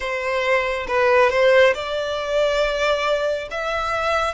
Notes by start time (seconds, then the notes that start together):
0.00 C5
0.87 B4
1.30 C5
1.74 D5
3.50 E5